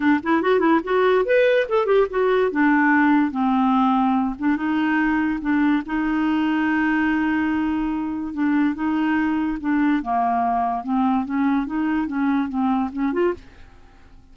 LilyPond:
\new Staff \with { instrumentName = "clarinet" } { \time 4/4 \tempo 4 = 144 d'8 e'8 fis'8 e'8 fis'4 b'4 | a'8 g'8 fis'4 d'2 | c'2~ c'8 d'8 dis'4~ | dis'4 d'4 dis'2~ |
dis'1 | d'4 dis'2 d'4 | ais2 c'4 cis'4 | dis'4 cis'4 c'4 cis'8 f'8 | }